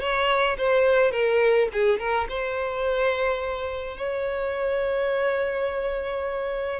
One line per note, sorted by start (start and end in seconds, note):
0.00 0.57 C#5
0.57 1.12 C5
1.12 1.68 A#4
1.73 1.99 G#4
1.99 2.27 A#4
2.28 3.97 C5
3.97 6.80 C#5